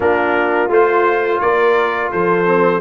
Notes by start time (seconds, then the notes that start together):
0.00 A#3 D4 F4 A#4
0.69 A3 F4 C5
1.40 A#3 A#4 D5
2.11 F3 A4 C5
2.45 C4